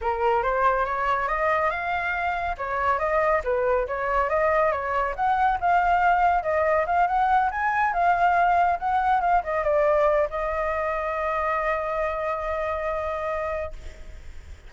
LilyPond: \new Staff \with { instrumentName = "flute" } { \time 4/4 \tempo 4 = 140 ais'4 c''4 cis''4 dis''4 | f''2 cis''4 dis''4 | b'4 cis''4 dis''4 cis''4 | fis''4 f''2 dis''4 |
f''8 fis''4 gis''4 f''4.~ | f''8 fis''4 f''8 dis''8 d''4. | dis''1~ | dis''1 | }